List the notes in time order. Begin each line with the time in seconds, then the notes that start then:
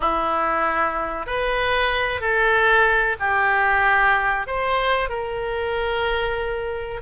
0.00 E4
1.26 B4
2.20 A4
3.19 G4
4.47 C5
5.09 A#4